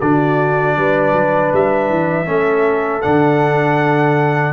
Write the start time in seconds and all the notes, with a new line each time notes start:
0.00 D3 D4 F#4 D5
0.77 G3 B4
1.12 F#3
1.52 G3 E5
1.89 E3
2.25 A3 C#4 A4
3.01 D3 D4 F#5